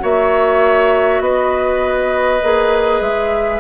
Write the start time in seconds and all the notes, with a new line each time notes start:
0.00 A#3 F#4 C#5 E5
1.20 B3 B4 D#5
2.43 A#3 G#4
3.01 G#3 E5